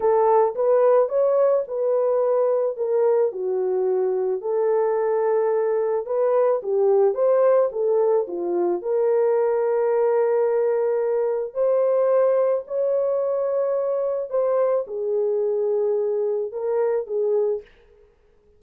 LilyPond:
\new Staff \with { instrumentName = "horn" } { \time 4/4 \tempo 4 = 109 a'4 b'4 cis''4 b'4~ | b'4 ais'4 fis'2 | a'2. b'4 | g'4 c''4 a'4 f'4 |
ais'1~ | ais'4 c''2 cis''4~ | cis''2 c''4 gis'4~ | gis'2 ais'4 gis'4 | }